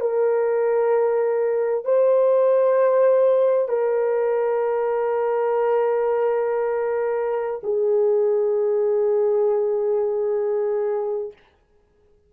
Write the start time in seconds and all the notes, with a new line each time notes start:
0.00 A#4
1.85 C5
3.68 A#4
7.63 G#4